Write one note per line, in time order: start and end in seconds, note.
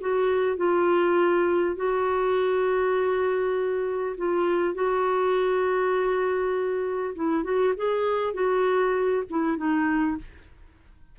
0.00 0.56 F#4
0.56 1.76 F4
1.76 4.16 F#4
4.17 4.74 F4
4.74 7.14 F#4
7.15 7.43 E4
7.43 7.73 F#4
7.76 8.33 G#4
8.33 9.23 F#4
9.30 9.57 E4
9.57 10.17 D#4